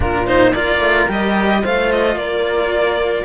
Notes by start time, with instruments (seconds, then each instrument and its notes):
0.00 cello A#2 D4, horn F4, violin A#4
0.26 cello D#4, violin C5
0.52 cello A#3 F4, horn A#4, violin D5
0.79 cello A3
1.08 cello G3 G4, violin D#5
1.61 cello A3 F4, horn C5, violin F5
1.91 violin D#5
2.15 cello A#3, horn A#4, violin D5